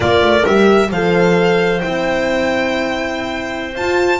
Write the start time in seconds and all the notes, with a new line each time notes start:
0.00 A#3 F4 A#4 D5
0.21 A3
0.45 G3 G4 E5
0.91 F3 A4 C5 F5
1.81 C4 E4 G5
3.75 F4 A5